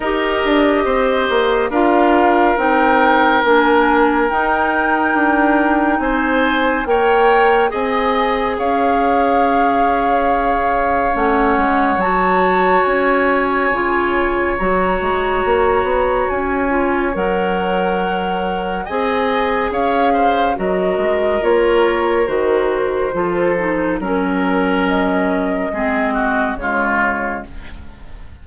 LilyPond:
<<
  \new Staff \with { instrumentName = "flute" } { \time 4/4 \tempo 4 = 70 dis''2 f''4 g''4 | gis''4 g''2 gis''4 | g''4 gis''4 f''2~ | f''4 fis''4 a''4 gis''4~ |
gis''4 ais''2 gis''4 | fis''2 gis''4 f''4 | dis''4 cis''4 c''2 | ais'4 dis''2 cis''4 | }
  \new Staff \with { instrumentName = "oboe" } { \time 4/4 ais'4 c''4 ais'2~ | ais'2. c''4 | cis''4 dis''4 cis''2~ | cis''1~ |
cis''1~ | cis''2 dis''4 cis''8 c''8 | ais'2. a'4 | ais'2 gis'8 fis'8 f'4 | }
  \new Staff \with { instrumentName = "clarinet" } { \time 4/4 g'2 f'4 dis'4 | d'4 dis'2. | ais'4 gis'2.~ | gis'4 cis'4 fis'2 |
f'4 fis'2~ fis'8 f'8 | ais'2 gis'2 | fis'4 f'4 fis'4 f'8 dis'8 | cis'2 c'4 gis4 | }
  \new Staff \with { instrumentName = "bassoon" } { \time 4/4 dis'8 d'8 c'8 ais8 d'4 c'4 | ais4 dis'4 d'4 c'4 | ais4 c'4 cis'2~ | cis'4 a8 gis8 fis4 cis'4 |
cis4 fis8 gis8 ais8 b8 cis'4 | fis2 c'4 cis'4 | fis8 gis8 ais4 dis4 f4 | fis2 gis4 cis4 | }
>>